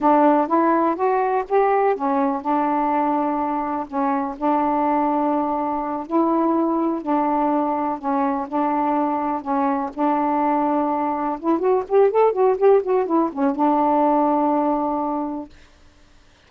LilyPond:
\new Staff \with { instrumentName = "saxophone" } { \time 4/4 \tempo 4 = 124 d'4 e'4 fis'4 g'4 | cis'4 d'2. | cis'4 d'2.~ | d'8 e'2 d'4.~ |
d'8 cis'4 d'2 cis'8~ | cis'8 d'2. e'8 | fis'8 g'8 a'8 fis'8 g'8 fis'8 e'8 cis'8 | d'1 | }